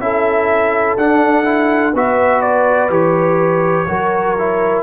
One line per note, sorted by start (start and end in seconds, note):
0.00 0.97 C#4
0.00 0.98 E4
0.00 1.94 A4
0.00 0.97 E5
0.98 1.94 D4
0.98 1.45 D4
0.98 1.95 F#5
1.45 1.93 E4
1.94 2.89 B3
1.94 2.90 F#4
1.94 3.87 B4
1.94 2.42 E5
2.42 2.90 D5
2.89 3.86 E3
2.89 3.86 G4
2.89 4.83 C#5
3.87 4.83 F#3
3.87 4.37 F#4
3.87 4.83 A#4
4.39 4.83 E4